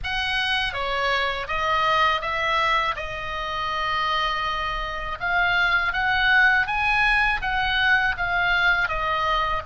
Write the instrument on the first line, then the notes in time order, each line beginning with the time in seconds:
oboe
0.03 F#5
0.73 C#5
1.47 D#5
2.21 E5
2.96 D#5
5.20 F5
5.92 F#5
6.66 G#5
7.41 F#5
8.17 F5
8.88 D#5